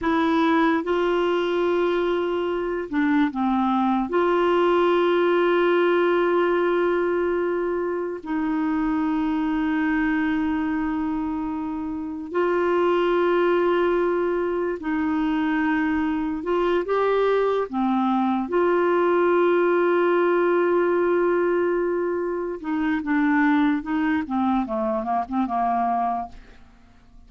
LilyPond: \new Staff \with { instrumentName = "clarinet" } { \time 4/4 \tempo 4 = 73 e'4 f'2~ f'8 d'8 | c'4 f'2.~ | f'2 dis'2~ | dis'2. f'4~ |
f'2 dis'2 | f'8 g'4 c'4 f'4.~ | f'2.~ f'8 dis'8 | d'4 dis'8 c'8 a8 ais16 c'16 ais4 | }